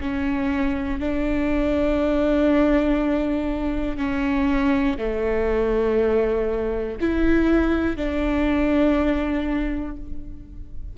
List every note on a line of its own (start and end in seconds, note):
0.00 0.99 C#4
0.99 3.97 D4
3.97 4.97 C#4
4.98 6.98 A3
7.00 7.96 E4
7.96 9.96 D4